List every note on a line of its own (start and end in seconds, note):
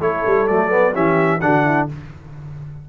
0.00 0.23 A3
0.00 0.48 E4
0.00 0.94 A4
0.00 0.47 C#5
0.27 0.50 G3
0.47 0.95 F#3
0.47 0.69 A3
0.47 0.94 D5
0.69 0.93 B3
0.94 1.42 E3
0.94 1.40 C#4
0.94 1.40 G4
0.94 1.41 E5
1.41 1.89 D3
1.41 1.89 D4
1.41 1.65 F#4
1.41 1.87 F#5
1.65 1.88 E4